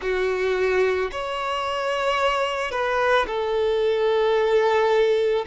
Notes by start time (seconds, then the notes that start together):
0.01 F#4
1.12 C#5
2.71 B4
3.27 A4